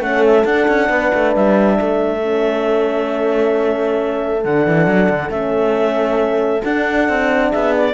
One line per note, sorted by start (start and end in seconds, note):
0.00 0.44 A3
0.00 0.45 C#4
0.00 0.90 A4
0.00 0.25 F#5
0.26 0.45 E5
0.45 0.67 D4
0.45 2.23 D4
0.45 1.33 F#5
0.68 0.90 C#4
0.90 1.12 B3
0.90 1.78 B4
1.14 1.36 A3
1.35 1.80 G3
1.35 4.44 E5
1.79 4.45 A3
1.79 7.50 A4
2.23 4.43 C#4
4.44 4.67 D3
4.44 5.30 D4
4.44 5.31 F#5
4.67 4.87 E3
4.87 5.09 F#3
5.10 5.30 D3
5.30 6.62 A3
5.30 6.62 C#4
5.30 6.63 E5
6.64 7.94 D4
6.64 7.09 D4
6.64 7.52 F#5
7.09 7.53 C4
7.50 7.94 B3
7.50 7.94 G#4
7.50 7.74 E5
7.77 7.94 D5